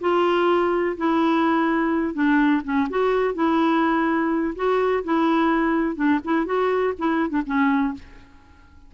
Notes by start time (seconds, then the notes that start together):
0.00 F4
0.97 E4
2.14 D4
2.64 C#4
2.89 F#4
3.34 E4
4.55 F#4
5.04 E4
5.95 D4
6.24 E4
6.45 F#4
6.98 E4
7.29 D4
7.46 C#4